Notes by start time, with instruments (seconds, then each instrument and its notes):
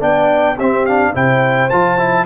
0.00 tuba B3, trombone D4, horn D5, trumpet G5
0.56 tuba C4, trombone C4, horn G4, trumpet E5
0.86 trombone D4, trumpet F5
1.14 tuba C3, trombone E4, horn C5, trumpet G5
1.70 tuba F3, trombone F4, trumpet A5
1.98 trombone E4